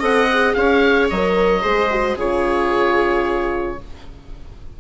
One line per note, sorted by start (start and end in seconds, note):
0.00 0.55 C4
0.00 0.28 A4
0.00 0.54 D#5
0.00 0.54 F#5
0.33 1.13 G#4
0.54 1.10 C#4
0.54 1.63 C#5
0.54 1.08 F5
1.10 1.65 F#3
1.10 1.62 A#4
1.10 2.17 D#5
1.62 2.16 G#3
1.62 1.89 G#4
1.62 2.16 C5
1.91 2.18 F#4
2.16 3.77 C#3
2.16 3.79 F4
2.16 3.77 G#4
2.16 3.80 C#5